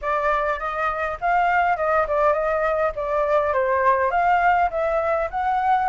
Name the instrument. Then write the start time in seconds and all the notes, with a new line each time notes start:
flute
0.01 D5
0.59 D#5
1.21 F5
1.76 D#5
2.07 D5
2.33 D#5
2.95 D5
3.53 C5
4.10 F5
4.70 E5
5.30 F#5